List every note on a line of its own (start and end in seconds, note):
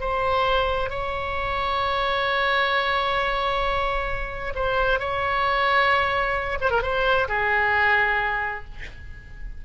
0.00 0.89 C5
0.89 4.53 C#5
4.55 4.99 C5
4.99 6.58 C#5
6.60 6.70 C5
6.70 6.82 A#4
6.82 7.27 C5
7.28 8.64 G#4